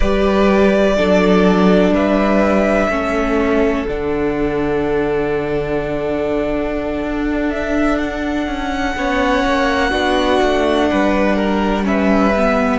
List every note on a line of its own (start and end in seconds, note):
0.00 0.98 G3
0.00 0.97 G4
0.00 0.95 B4
0.00 1.93 D5
0.97 1.90 F#3
0.97 2.90 D4
0.97 1.93 A4
1.90 2.87 G3
1.90 2.90 B4
1.90 3.87 E5
2.89 3.86 A3
2.89 3.87 C#4
2.89 8.95 A4
3.87 7.02 D3
3.87 8.95 D4
3.87 7.50 F#5
7.02 8.47 D4
7.50 7.98 E5
7.98 11.85 F#5
8.47 8.95 C#4
8.96 9.44 B3
8.96 9.91 C#4
8.96 9.89 C#5
9.45 9.92 A#3
9.89 10.41 B3
9.89 11.83 D4
9.89 10.86 F#4
10.42 10.90 A3
10.90 12.78 G3
10.90 11.36 B4
11.36 11.84 A#4
11.83 12.32 C#4
11.83 12.78 B4
11.83 12.78 E5
12.36 12.78 B3